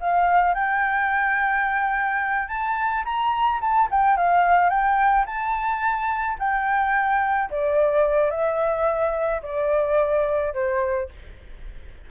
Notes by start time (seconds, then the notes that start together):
0.00 F5
0.54 G5
2.48 A5
3.05 A#5
3.60 A5
3.90 G5
4.16 F5
4.69 G5
5.26 A5
6.38 G5
7.50 D5
8.30 E5
9.42 D5
10.53 C5